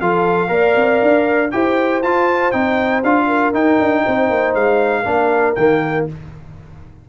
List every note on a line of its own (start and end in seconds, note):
0.00 0.49 F3
0.00 0.48 F4
0.00 0.50 A4
0.00 1.51 F5
0.48 0.75 A#3
0.48 1.49 A#4
0.48 1.52 D5
0.76 1.01 C4
1.02 1.52 D4
1.51 2.02 E4
1.51 2.02 G4
1.51 3.27 C5
1.51 2.02 G5
2.02 2.53 F4
2.02 2.52 F4
2.02 2.51 A5
2.51 3.03 C4
2.51 3.03 D#4
2.51 3.02 G5
3.03 3.53 D4
3.03 3.53 F4
3.03 3.54 F5
3.27 4.03 A#4
3.53 5.04 D#4
3.53 3.79 D#4
3.53 4.54 G5
3.79 4.05 D4
4.03 4.30 C4
4.03 5.02 C5
4.30 4.55 A#3
4.54 5.05 G#3
4.54 5.55 F5
5.02 5.56 A#3
5.02 5.55 D4
5.02 6.03 A#4
5.55 6.07 D#3
5.55 6.09 A#3
5.55 6.06 G5